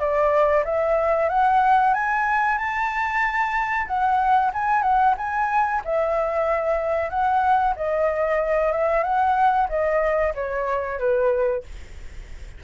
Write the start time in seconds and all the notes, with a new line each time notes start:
0.00 D5
0.65 E5
1.30 F#5
1.94 G#5
2.58 A5
3.88 F#5
4.54 G#5
4.83 F#5
5.18 G#5
5.85 E5
7.10 F#5
7.77 D#5
8.73 E5
9.04 F#5
9.69 D#5
10.35 C#5
10.99 B4